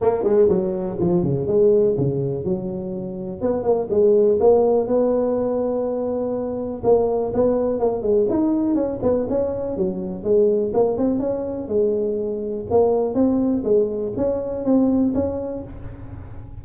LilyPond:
\new Staff \with { instrumentName = "tuba" } { \time 4/4 \tempo 4 = 123 ais8 gis8 fis4 f8 cis8 gis4 | cis4 fis2 b8 ais8 | gis4 ais4 b2~ | b2 ais4 b4 |
ais8 gis8 dis'4 cis'8 b8 cis'4 | fis4 gis4 ais8 c'8 cis'4 | gis2 ais4 c'4 | gis4 cis'4 c'4 cis'4 | }